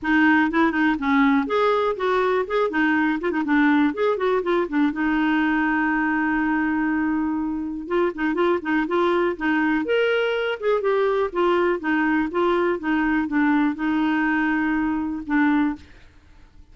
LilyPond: \new Staff \with { instrumentName = "clarinet" } { \time 4/4 \tempo 4 = 122 dis'4 e'8 dis'8 cis'4 gis'4 | fis'4 gis'8 dis'4 f'16 dis'16 d'4 | gis'8 fis'8 f'8 d'8 dis'2~ | dis'1 |
f'8 dis'8 f'8 dis'8 f'4 dis'4 | ais'4. gis'8 g'4 f'4 | dis'4 f'4 dis'4 d'4 | dis'2. d'4 | }